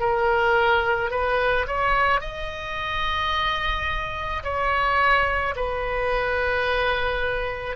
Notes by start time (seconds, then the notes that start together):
0.00 A#4
1.11 B4
1.68 C#5
2.21 D#5
4.44 C#5
5.56 B4